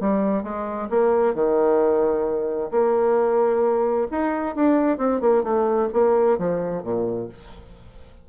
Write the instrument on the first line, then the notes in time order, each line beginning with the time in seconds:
bassoon
0.00 G3
0.43 G#3
0.90 A#3
1.34 D#3
2.71 A#3
4.11 D#4
4.56 D4
4.98 C4
5.21 A#3
5.43 A3
5.93 A#3
6.38 F3
6.83 A#2